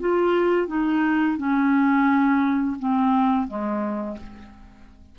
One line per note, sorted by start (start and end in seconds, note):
0.00 0.68 F4
0.68 1.37 D#4
1.37 2.77 C#4
2.79 3.48 C4
3.48 4.17 G#3